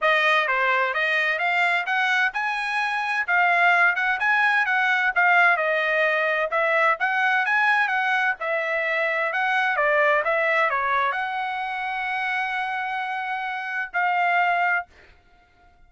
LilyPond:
\new Staff \with { instrumentName = "trumpet" } { \time 4/4 \tempo 4 = 129 dis''4 c''4 dis''4 f''4 | fis''4 gis''2 f''4~ | f''8 fis''8 gis''4 fis''4 f''4 | dis''2 e''4 fis''4 |
gis''4 fis''4 e''2 | fis''4 d''4 e''4 cis''4 | fis''1~ | fis''2 f''2 | }